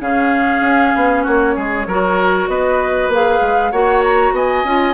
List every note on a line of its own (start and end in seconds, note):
0.00 0.61 C#3
0.00 1.86 C#4
0.00 1.23 G#4
0.00 1.25 F5
0.61 0.92 C#4
0.95 1.26 B3
1.23 1.56 A#3
1.23 1.54 F#4
1.23 2.48 C#5
1.56 1.86 G#3
1.56 1.87 G#4
1.86 2.48 F#3
1.86 3.12 F#4
1.86 2.49 A#4
2.48 3.08 B3
2.48 3.72 B4
2.48 3.10 D#5
3.08 3.39 A#3
3.08 3.72 G#4
3.08 3.71 F5
3.41 3.72 G#3
3.71 4.32 A#3
3.71 4.65 F#4
3.71 4.34 C#5
3.71 4.02 F#5
4.04 4.35 A#5
4.32 4.63 B3
4.32 4.94 D#5
4.32 4.94 G#5
4.64 4.94 C#4
4.64 4.94 F4